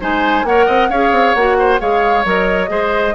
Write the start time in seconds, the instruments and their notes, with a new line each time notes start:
0.00 bassoon G#3, clarinet D#4, oboe C5, flute G#5
0.44 bassoon A#3, clarinet A#4, oboe C#5, flute F#5
0.66 bassoon C4, oboe D#5
0.90 bassoon C#4, clarinet G#4, oboe C#5, flute F5
1.12 bassoon C4
1.34 bassoon A#3, clarinet F#4, flute F#5
1.59 oboe C5
1.79 bassoon G#3, clarinet G#4, oboe C#5, flute F5
2.25 bassoon F#3, clarinet A#4, flute D#5
2.68 bassoon G#3, clarinet G#4, oboe C5